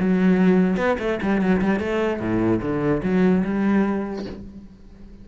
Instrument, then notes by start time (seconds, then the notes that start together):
cello
0.00 F#3
0.78 B3
0.99 A3
1.23 G3
1.42 F#3
1.62 G3
1.80 A3
2.20 A2
2.62 D3
3.04 F#3
3.45 G3